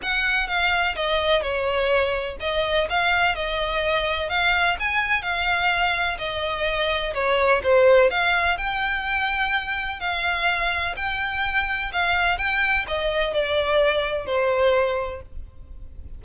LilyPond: \new Staff \with { instrumentName = "violin" } { \time 4/4 \tempo 4 = 126 fis''4 f''4 dis''4 cis''4~ | cis''4 dis''4 f''4 dis''4~ | dis''4 f''4 gis''4 f''4~ | f''4 dis''2 cis''4 |
c''4 f''4 g''2~ | g''4 f''2 g''4~ | g''4 f''4 g''4 dis''4 | d''2 c''2 | }